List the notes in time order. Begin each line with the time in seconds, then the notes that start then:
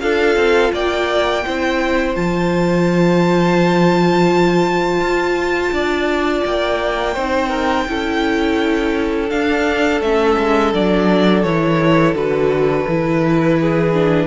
0.00 D4 F4 A4 F5
0.36 C4
0.72 A#3 D5 G5
1.45 C4 E4 C5
2.15 F3 F4 A5
5.00 F4
5.72 D4 D5
6.45 A#3 G5
7.14 C4 D#4 C5
7.49 A#4
7.88 C#4 E4 A4
9.28 D4 F5
10.01 A3 C#4 E5
10.37 G#3
10.74 F#3 D4 D5
11.43 E3 E4 C#5
12.14 D3 F#4 B4
12.88 E3 E4
13.60 G#4
13.93 D4